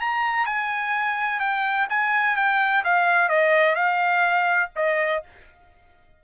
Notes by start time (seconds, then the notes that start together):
0.00 A#5
0.46 G#5
1.40 G5
1.89 G#5
2.36 G5
2.84 F5
3.29 D#5
3.75 F5
4.76 D#5